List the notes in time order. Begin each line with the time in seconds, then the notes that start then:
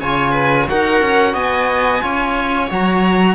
0.00 C#3 F4 C#5 G#5
0.31 B4
0.68 D#4 F#4 A#4 F#5
1.01 C#4
1.33 B3 D#5 G#5
2.01 C#4 F4 C#5
2.70 F#3 F#4 A#5